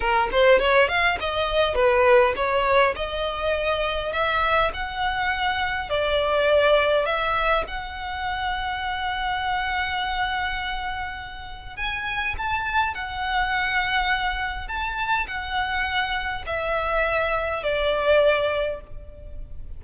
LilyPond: \new Staff \with { instrumentName = "violin" } { \time 4/4 \tempo 4 = 102 ais'8 c''8 cis''8 f''8 dis''4 b'4 | cis''4 dis''2 e''4 | fis''2 d''2 | e''4 fis''2.~ |
fis''1 | gis''4 a''4 fis''2~ | fis''4 a''4 fis''2 | e''2 d''2 | }